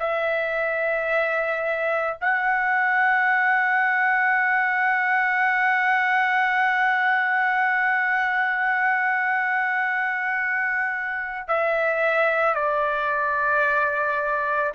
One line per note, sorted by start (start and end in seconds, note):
0.00 2.18 E5
2.21 11.48 F#5
11.48 12.55 E5
12.55 14.73 D5